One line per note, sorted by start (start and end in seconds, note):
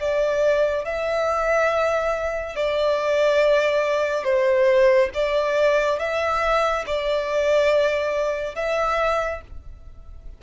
0.00 0.85 D5
0.85 2.56 E5
2.56 4.24 D5
4.24 5.10 C5
5.14 5.99 D5
5.99 6.85 E5
6.86 8.56 D5
8.56 9.41 E5